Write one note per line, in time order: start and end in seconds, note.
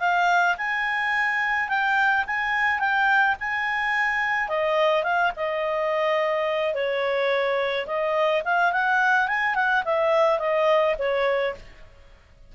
0.00 0.56 F5
0.58 1.69 G#5
1.69 2.25 G5
2.27 2.80 G#5
2.80 3.36 G5
3.40 4.49 G#5
4.49 5.04 D#5
5.04 5.32 F5
5.37 6.74 D#5
6.74 7.87 C#5
7.87 8.43 D#5
8.45 8.72 F5
8.72 9.28 F#5
9.28 9.56 G#5
9.56 9.84 F#5
9.85 10.39 E5
10.39 10.95 D#5
10.99 11.55 C#5